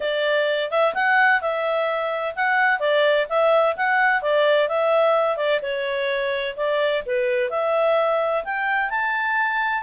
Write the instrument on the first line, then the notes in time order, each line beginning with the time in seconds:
clarinet
0.00 D5
0.70 E5
0.94 F#5
1.41 E5
2.35 F#5
2.79 D5
3.29 E5
3.76 F#5
4.22 D5
4.68 E5
5.36 D5
5.61 C#5
6.56 D5
7.06 B4
7.50 E5
8.44 G5
8.90 A5